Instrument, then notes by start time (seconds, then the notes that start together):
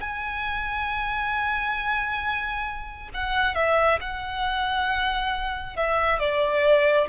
violin
0.00 G#5
3.14 F#5
3.55 E5
4.01 F#5
5.76 E5
6.19 D5